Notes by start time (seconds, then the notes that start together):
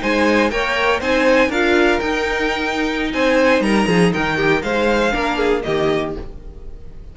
0.00 G#3 D#4 C5 G#5
0.49 A#3 A#4 C#5 G5
1.00 C4 D#4 C5 G#5
1.48 D4 F4 A#4 F5
2.00 D#4 G5
3.13 C4 C5 G#5
3.60 G3 A#4 A#5
3.87 F3 G#4
4.13 D#3 A#4 G5
4.36 G4
4.62 G#3 C5 F5
5.11 A#3 D4 A#4
5.37 G#4
5.63 D#3 A#3 G4 D#5